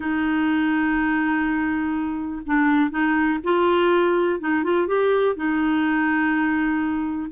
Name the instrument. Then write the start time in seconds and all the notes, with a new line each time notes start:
clarinet
0.00 D#4
2.46 D4
2.90 D#4
3.43 F4
4.39 D#4
4.63 F4
4.87 G4
5.35 D#4